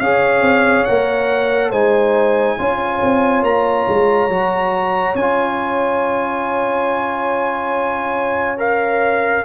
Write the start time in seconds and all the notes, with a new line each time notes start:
0.00 C#4 G#4 C#5 F5
0.41 C4
0.84 A#3 A#4 F#5
1.71 G#3 D#4 C5 G#5
2.59 C#4 F4 C#5
3.02 C4
3.43 A#3 A#5
3.89 G#3
4.29 F#3 F#4
5.15 C#4 F4 G#5
8.57 A#4 F5